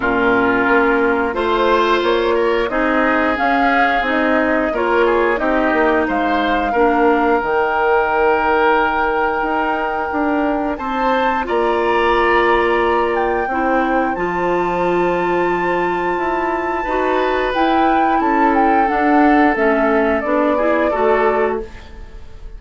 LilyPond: <<
  \new Staff \with { instrumentName = "flute" } { \time 4/4 \tempo 4 = 89 ais'2 c''4 cis''4 | dis''4 f''4 dis''4 cis''4 | dis''4 f''2 g''4~ | g''1 |
a''4 ais''2~ ais''8 g''8~ | g''4 a''2.~ | a''2 g''4 a''8 g''8 | fis''4 e''4 d''2 | }
  \new Staff \with { instrumentName = "oboe" } { \time 4/4 f'2 c''4. ais'8 | gis'2. ais'8 gis'8 | g'4 c''4 ais'2~ | ais'1 |
c''4 d''2. | c''1~ | c''4 b'2 a'4~ | a'2~ a'8 gis'8 a'4 | }
  \new Staff \with { instrumentName = "clarinet" } { \time 4/4 cis'2 f'2 | dis'4 cis'4 dis'4 f'4 | dis'2 d'4 dis'4~ | dis'1~ |
dis'4 f'2. | e'4 f'2.~ | f'4 fis'4 e'2 | d'4 cis'4 d'8 e'8 fis'4 | }
  \new Staff \with { instrumentName = "bassoon" } { \time 4/4 ais,4 ais4 a4 ais4 | c'4 cis'4 c'4 ais4 | c'8 ais8 gis4 ais4 dis4~ | dis2 dis'4 d'4 |
c'4 ais2. | c'4 f2. | e'4 dis'4 e'4 cis'4 | d'4 a4 b4 a4 | }
>>